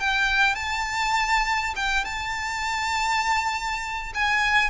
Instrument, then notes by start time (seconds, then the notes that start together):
violin
0.00 G5
0.55 A5
1.76 G5
2.05 A5
4.14 G#5